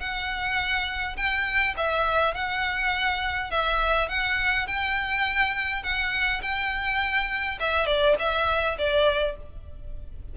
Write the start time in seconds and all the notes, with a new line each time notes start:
0.00 F#5
1.17 G5
1.77 E5
2.34 F#5
3.51 E5
4.09 F#5
4.67 G5
5.83 F#5
6.42 G5
7.60 E5
7.86 D5
8.19 E5
8.79 D5